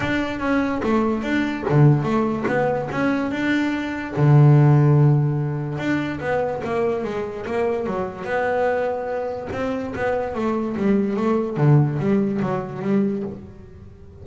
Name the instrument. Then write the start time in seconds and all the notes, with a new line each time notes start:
double bass
0.00 D4
0.39 C#4
0.83 A3
1.22 D4
1.69 D3
2.03 A3
2.47 B3
2.91 C#4
3.31 D4
4.16 D3
5.78 D4
6.20 B3
6.64 A#3
7.04 G#3
7.46 A#3
7.86 F#3
8.24 B3
9.52 C4
9.95 B3
10.34 A3
10.76 G3
11.16 A3
11.57 D3
11.99 G3
12.42 F#3
12.81 G3